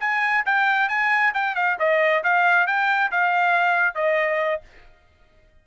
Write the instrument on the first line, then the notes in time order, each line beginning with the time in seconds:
trumpet
0.00 G#5
0.45 G5
0.89 G#5
1.34 G5
1.55 F5
1.79 D#5
2.23 F5
2.67 G5
3.11 F5
3.95 D#5